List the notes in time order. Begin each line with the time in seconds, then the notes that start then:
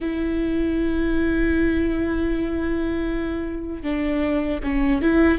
0.00 E4
3.82 D4
4.63 C#4
5.01 E4